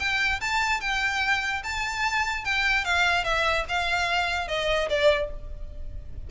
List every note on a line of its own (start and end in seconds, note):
0.00 0.41 G5
0.41 0.81 A5
0.81 1.63 G5
1.64 2.45 A5
2.45 2.85 G5
2.85 3.25 F5
3.25 3.65 E5
3.69 4.48 F5
4.48 4.89 D#5
4.90 5.31 D5